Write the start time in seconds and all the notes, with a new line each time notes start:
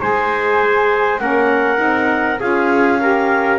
0.00 G#3 G#4 C5 G#5
1.18 A#3 C#4 A#4 F#5
1.76 C4 D#4
2.39 C#4 F4 G#4 F5
3.00 G4 A#4